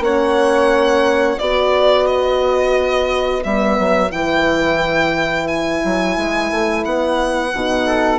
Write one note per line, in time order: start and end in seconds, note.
0.00 1.36 A#3
0.00 1.39 C#4
0.00 1.41 C#5
0.00 1.39 F#5
1.39 3.45 B3
1.39 3.45 F#4
1.39 7.86 B4
1.39 2.07 D5
2.07 3.43 D#5
3.44 3.79 G3
3.44 4.11 B3
3.44 4.12 E5
3.79 4.12 F#3
4.11 5.83 E3
4.11 7.52 E4
4.11 5.48 G5
5.48 6.84 G#5
5.85 6.17 F#3
6.17 6.51 G#3
6.51 6.85 A3
6.85 7.53 B3
6.85 8.20 F#5
7.54 8.20 B2
7.54 8.20 D#4
7.86 8.20 A4